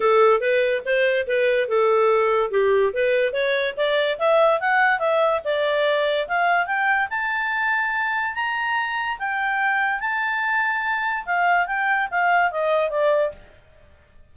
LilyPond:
\new Staff \with { instrumentName = "clarinet" } { \time 4/4 \tempo 4 = 144 a'4 b'4 c''4 b'4 | a'2 g'4 b'4 | cis''4 d''4 e''4 fis''4 | e''4 d''2 f''4 |
g''4 a''2. | ais''2 g''2 | a''2. f''4 | g''4 f''4 dis''4 d''4 | }